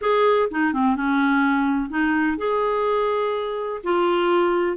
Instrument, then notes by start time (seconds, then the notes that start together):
clarinet
0.01 G#4
0.51 D#4
0.73 C4
0.95 C#4
1.89 D#4
2.37 G#4
3.83 F4